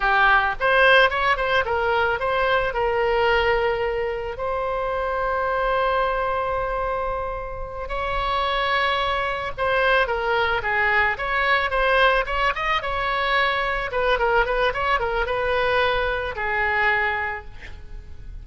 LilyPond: \new Staff \with { instrumentName = "oboe" } { \time 4/4 \tempo 4 = 110 g'4 c''4 cis''8 c''8 ais'4 | c''4 ais'2. | c''1~ | c''2~ c''8 cis''4.~ |
cis''4. c''4 ais'4 gis'8~ | gis'8 cis''4 c''4 cis''8 dis''8 cis''8~ | cis''4. b'8 ais'8 b'8 cis''8 ais'8 | b'2 gis'2 | }